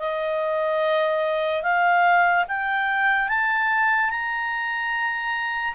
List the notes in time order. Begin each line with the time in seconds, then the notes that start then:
0.00 D#5
1.63 F5
2.48 G5
3.29 A5
4.11 A#5